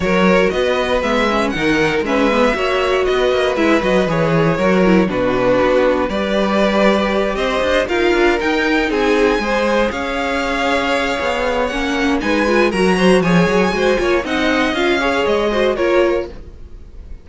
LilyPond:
<<
  \new Staff \with { instrumentName = "violin" } { \time 4/4 \tempo 4 = 118 cis''4 dis''4 e''4 fis''4 | e''2 dis''4 e''8 dis''8 | cis''2 b'2 | d''2~ d''8 dis''4 f''8~ |
f''8 g''4 gis''2 f''8~ | f''2. fis''4 | gis''4 ais''4 gis''2 | fis''4 f''4 dis''4 cis''4 | }
  \new Staff \with { instrumentName = "violin" } { \time 4/4 ais'4 b'2 ais'4 | b'4 cis''4 b'2~ | b'4 ais'4 fis'2 | b'2~ b'8 c''4 ais'8~ |
ais'4. gis'4 c''4 cis''8~ | cis''1 | b'4 ais'8 c''8 cis''4 c''8 cis''8 | dis''4. cis''4 c''8 ais'4 | }
  \new Staff \with { instrumentName = "viola" } { \time 4/4 fis'2 b8 cis'8 dis'4 | cis'8 b8 fis'2 e'8 fis'8 | gis'4 fis'8 e'8 d'2 | g'2.~ g'8 f'8~ |
f'8 dis'2 gis'4.~ | gis'2. cis'4 | dis'8 f'8 fis'4 gis'4 fis'8 f'8 | dis'4 f'8 gis'4 fis'8 f'4 | }
  \new Staff \with { instrumentName = "cello" } { \time 4/4 fis4 b4 gis4 dis4 | gis4 ais4 b8 ais8 gis8 fis8 | e4 fis4 b,4 b4 | g2~ g8 c'8 d'8 dis'8 |
d'8 dis'4 c'4 gis4 cis'8~ | cis'2 b4 ais4 | gis4 fis4 f8 fis8 gis8 ais8 | c'4 cis'4 gis4 ais4 | }
>>